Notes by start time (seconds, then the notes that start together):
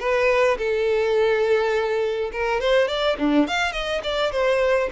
0.00 B4
0.58 A4
2.33 A#4
2.61 C5
2.88 D5
3.19 D4
3.48 F5
3.73 D#5
4.04 D5
4.32 C5